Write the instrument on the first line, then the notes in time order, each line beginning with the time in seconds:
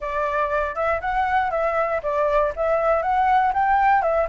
flute
0.00 D5
0.75 E5
1.01 F#5
1.50 E5
2.02 D5
2.56 E5
3.02 F#5
3.53 G5
4.02 E5